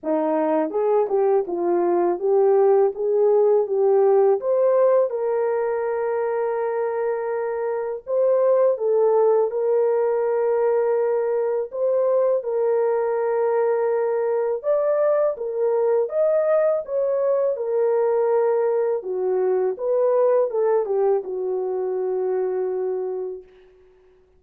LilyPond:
\new Staff \with { instrumentName = "horn" } { \time 4/4 \tempo 4 = 82 dis'4 gis'8 g'8 f'4 g'4 | gis'4 g'4 c''4 ais'4~ | ais'2. c''4 | a'4 ais'2. |
c''4 ais'2. | d''4 ais'4 dis''4 cis''4 | ais'2 fis'4 b'4 | a'8 g'8 fis'2. | }